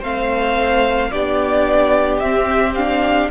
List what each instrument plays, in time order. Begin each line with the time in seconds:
0.00 cello A3, viola C4, violin C5 F5
1.11 cello B3, viola D4, violin G4 D5
2.19 cello C4, viola C4, violin E5
2.74 viola D4, violin F5